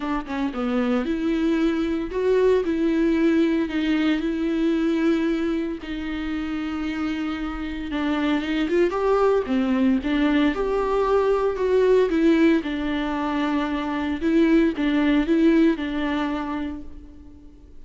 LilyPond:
\new Staff \with { instrumentName = "viola" } { \time 4/4 \tempo 4 = 114 d'8 cis'8 b4 e'2 | fis'4 e'2 dis'4 | e'2. dis'4~ | dis'2. d'4 |
dis'8 f'8 g'4 c'4 d'4 | g'2 fis'4 e'4 | d'2. e'4 | d'4 e'4 d'2 | }